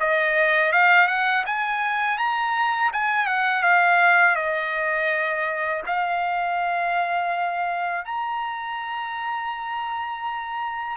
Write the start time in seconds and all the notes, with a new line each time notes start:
0.00 D#5
0.72 F5
1.08 F#5
1.46 G#5
2.18 A#5
2.93 G#5
3.27 F#5
3.63 F5
4.36 D#5
5.86 F5
8.05 A#5